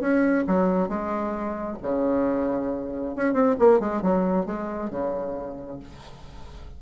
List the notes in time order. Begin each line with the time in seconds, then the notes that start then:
0.00 C#4
0.47 F#3
0.88 G#3
1.82 C#3
3.16 C#4
3.33 C4
3.59 A#3
3.79 G#3
4.02 F#3
4.46 G#3
4.90 C#3